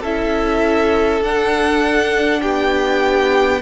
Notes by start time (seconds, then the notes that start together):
0.00 C#4 E4 A4 E5
1.21 D4 F#5
2.41 B3 G4 G5